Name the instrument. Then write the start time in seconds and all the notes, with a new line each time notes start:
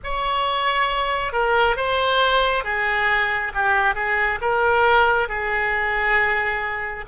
oboe
0.03 C#5
1.32 A#4
1.76 C5
2.64 G#4
3.54 G4
3.95 G#4
4.41 A#4
5.28 G#4